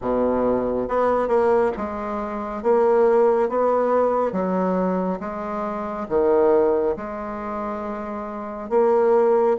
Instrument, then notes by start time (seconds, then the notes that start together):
bassoon
0.01 B2
0.88 B3
1.28 A#3
1.77 G#3
2.62 A#3
3.49 B3
4.32 F#3
5.20 G#3
6.09 D#3
6.96 G#3
8.70 A#3